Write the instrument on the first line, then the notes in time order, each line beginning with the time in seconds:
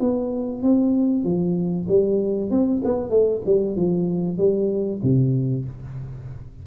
tuba
0.00 B3
0.63 C4
1.24 F3
1.88 G3
2.51 C4
2.85 B3
3.10 A3
3.46 G3
3.76 F3
4.38 G3
5.03 C3